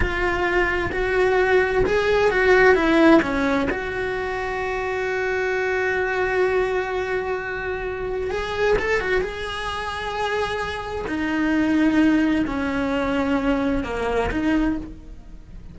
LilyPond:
\new Staff \with { instrumentName = "cello" } { \time 4/4 \tempo 4 = 130 f'2 fis'2 | gis'4 fis'4 e'4 cis'4 | fis'1~ | fis'1~ |
fis'2 gis'4 a'8 fis'8 | gis'1 | dis'2. cis'4~ | cis'2 ais4 dis'4 | }